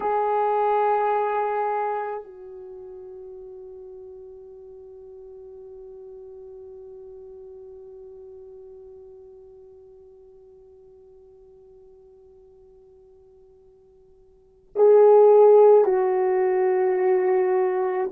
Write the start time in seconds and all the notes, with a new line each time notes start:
0.00 G#4
2.24 F#4
14.75 G#4
15.84 F#4